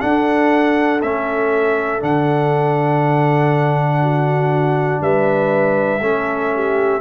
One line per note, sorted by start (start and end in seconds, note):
0.00 1.01 D4
0.00 1.02 D4
0.00 4.00 A4
0.00 1.01 F#5
1.02 2.02 A3
1.02 2.00 C#4
1.02 2.02 E5
2.00 5.01 D3
2.00 6.00 D4
2.00 5.02 F#5
4.03 5.02 F#4
5.01 6.01 G3
5.01 6.02 B4
5.01 7.01 E5
6.01 7.01 A3
6.01 7.01 C#4
6.01 6.53 A4
6.55 7.01 G4